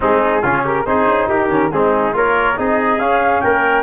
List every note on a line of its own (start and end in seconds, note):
0.00 0.43 G#3
0.00 0.43 C4
0.00 0.42 D#4
0.00 0.65 G#4
0.42 0.86 C#3
0.42 0.86 C#4
0.42 0.63 F4
0.64 0.85 G4
0.64 0.85 A#4
0.85 1.06 C4
0.85 1.49 D#4
0.85 1.28 G#4
0.85 1.28 C5
1.06 1.28 C#4
1.28 1.48 D#4
1.28 1.71 G4
1.28 1.71 A#4
1.48 1.70 D#3
1.48 1.71 C#4
1.71 2.14 G#3
1.71 2.12 C4
1.71 2.15 D#4
1.71 2.14 G#4
2.12 2.57 A#3
2.12 2.55 F4
2.12 2.58 A#4
2.12 2.58 C#5
2.56 2.98 C4
2.56 2.98 D#4
2.56 3.43 G#4
2.56 2.99 D#5
2.98 3.40 C#4
2.98 3.82 C#4
2.98 3.40 F5
3.40 3.82 A#3
3.40 3.82 A#4
3.40 3.82 G5